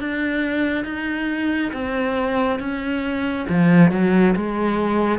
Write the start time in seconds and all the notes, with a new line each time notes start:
0.00 D4
0.85 D#4
1.73 C4
2.60 C#4
3.49 F3
3.92 F#3
4.36 G#3